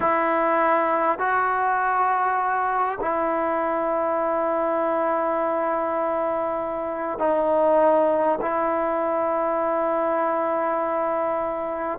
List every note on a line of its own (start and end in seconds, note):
0.00 1.18 E4
1.18 2.98 F#4
3.00 7.18 E4
7.18 8.38 D#4
8.41 11.99 E4